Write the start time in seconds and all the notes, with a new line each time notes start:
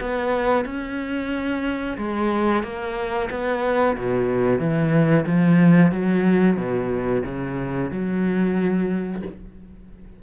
0.00 B3
0.65 C#4
1.97 G#3
2.63 A#3
3.30 B3
3.97 B2
4.59 E3
5.25 F3
5.91 F#3
6.56 B2
7.24 C#3
7.90 F#3